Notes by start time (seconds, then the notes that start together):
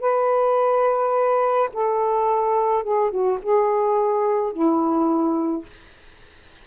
0.00 B4
1.73 A4
2.84 G#4
3.11 F#4
3.42 G#4
4.52 E4